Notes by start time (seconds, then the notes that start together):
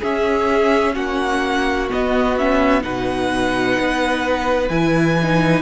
0.00 C#4 G#4 E5
0.94 A#3 F#4 F#5
1.90 B3 D#5
2.38 C#4 E5
2.81 B2 D#4 B4 F#5
3.79 B3
4.69 E3 E4 G#5
5.23 D#4